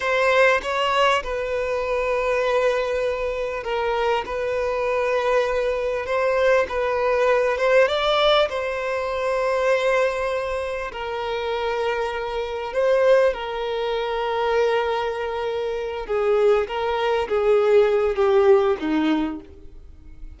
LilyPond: \new Staff \with { instrumentName = "violin" } { \time 4/4 \tempo 4 = 99 c''4 cis''4 b'2~ | b'2 ais'4 b'4~ | b'2 c''4 b'4~ | b'8 c''8 d''4 c''2~ |
c''2 ais'2~ | ais'4 c''4 ais'2~ | ais'2~ ais'8 gis'4 ais'8~ | ais'8 gis'4. g'4 dis'4 | }